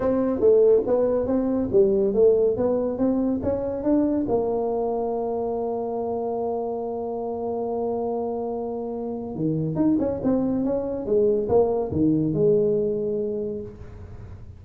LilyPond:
\new Staff \with { instrumentName = "tuba" } { \time 4/4 \tempo 4 = 141 c'4 a4 b4 c'4 | g4 a4 b4 c'4 | cis'4 d'4 ais2~ | ais1~ |
ais1~ | ais2 dis4 dis'8 cis'8 | c'4 cis'4 gis4 ais4 | dis4 gis2. | }